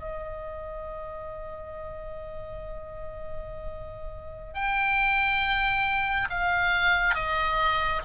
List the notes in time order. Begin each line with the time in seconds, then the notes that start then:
0.00 D#5
4.55 G5
6.30 F5
7.15 D#5